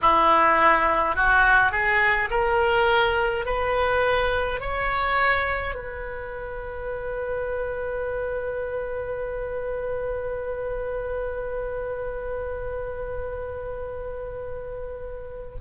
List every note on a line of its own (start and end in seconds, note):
0.01 1.15 E4
1.15 1.71 F#4
1.71 2.29 G#4
2.30 3.45 A#4
3.45 4.60 B4
4.60 5.74 C#5
5.74 15.55 B4